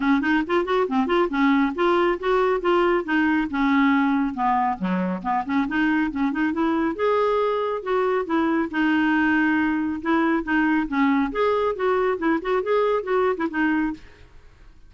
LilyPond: \new Staff \with { instrumentName = "clarinet" } { \time 4/4 \tempo 4 = 138 cis'8 dis'8 f'8 fis'8 c'8 f'8 cis'4 | f'4 fis'4 f'4 dis'4 | cis'2 b4 fis4 | b8 cis'8 dis'4 cis'8 dis'8 e'4 |
gis'2 fis'4 e'4 | dis'2. e'4 | dis'4 cis'4 gis'4 fis'4 | e'8 fis'8 gis'4 fis'8. e'16 dis'4 | }